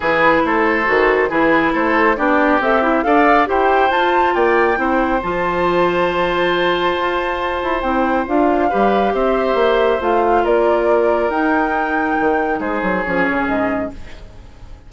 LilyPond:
<<
  \new Staff \with { instrumentName = "flute" } { \time 4/4 \tempo 4 = 138 b'4 c''2 b'4 | c''4 d''4 e''4 f''4 | g''4 a''4 g''2 | a''1~ |
a''2 g''4 f''4~ | f''4 e''2 f''4 | d''2 g''2~ | g''4 c''4 cis''4 dis''4 | }
  \new Staff \with { instrumentName = "oboe" } { \time 4/4 gis'4 a'2 gis'4 | a'4 g'2 d''4 | c''2 d''4 c''4~ | c''1~ |
c''1 | b'4 c''2. | ais'1~ | ais'4 gis'2. | }
  \new Staff \with { instrumentName = "clarinet" } { \time 4/4 e'2 fis'4 e'4~ | e'4 d'4 a'8 e'8 a'4 | g'4 f'2 e'4 | f'1~ |
f'2 e'4 f'4 | g'2. f'4~ | f'2 dis'2~ | dis'2 cis'2 | }
  \new Staff \with { instrumentName = "bassoon" } { \time 4/4 e4 a4 dis4 e4 | a4 b4 c'4 d'4 | e'4 f'4 ais4 c'4 | f1 |
f'4. e'8 c'4 d'4 | g4 c'4 ais4 a4 | ais2 dis'2 | dis4 gis8 fis8 f8 cis8 gis,4 | }
>>